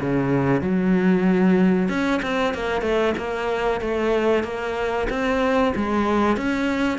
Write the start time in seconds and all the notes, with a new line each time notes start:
0.00 C#3
0.61 F#3
1.89 C#4
2.22 C4
2.54 A#3
2.81 A3
3.17 A#3
3.81 A3
4.44 A#3
5.09 C4
5.75 G#3
6.36 C#4